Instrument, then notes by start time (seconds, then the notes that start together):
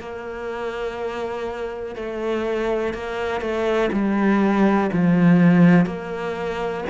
cello
0.00 A#3
1.96 A3
2.94 A#3
3.41 A3
3.93 G3
4.93 F3
5.86 A#3